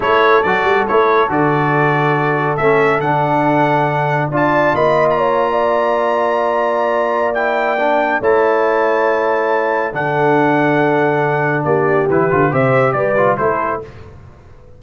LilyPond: <<
  \new Staff \with { instrumentName = "trumpet" } { \time 4/4 \tempo 4 = 139 cis''4 d''4 cis''4 d''4~ | d''2 e''4 fis''4~ | fis''2 a''4 b''8. ais''16~ | ais''1~ |
ais''4 g''2 a''4~ | a''2. fis''4~ | fis''2. d''4 | b'4 e''4 d''4 c''4 | }
  \new Staff \with { instrumentName = "horn" } { \time 4/4 a'1~ | a'1~ | a'2 d''4 dis''4 | cis''8. d''2.~ d''16~ |
d''2. cis''4~ | cis''2. a'4~ | a'2. g'4~ | g'4 c''4 b'4 a'4 | }
  \new Staff \with { instrumentName = "trombone" } { \time 4/4 e'4 fis'4 e'4 fis'4~ | fis'2 cis'4 d'4~ | d'2 f'2~ | f'1~ |
f'4 e'4 d'4 e'4~ | e'2. d'4~ | d'1 | e'8 f'8 g'4. f'8 e'4 | }
  \new Staff \with { instrumentName = "tuba" } { \time 4/4 a4 fis8 g8 a4 d4~ | d2 a4 d4~ | d2 d'4 ais4~ | ais1~ |
ais2. a4~ | a2. d4~ | d2. ais4 | e8 d8 c4 g4 a4 | }
>>